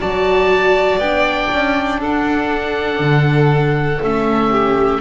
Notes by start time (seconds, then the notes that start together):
0.00 F#3 F#4 D5 A5
0.98 B3 D4 G5
1.52 C#4
2.01 D4 A4 F#5
3.00 D3
4.04 A3 C#4 E5
4.51 G4